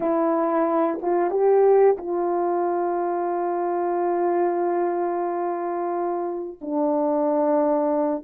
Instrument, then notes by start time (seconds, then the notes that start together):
horn
0.00 E4
1.01 F4
1.30 G4
1.97 F4
6.61 D4